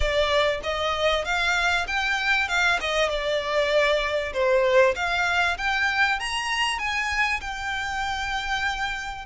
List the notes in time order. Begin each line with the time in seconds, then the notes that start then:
0.00 D5
0.63 D#5
1.24 F5
1.87 G5
2.48 F5
2.80 D#5
3.09 D5
4.33 C5
4.95 F5
5.57 G5
6.19 A#5
6.78 G#5
7.41 G5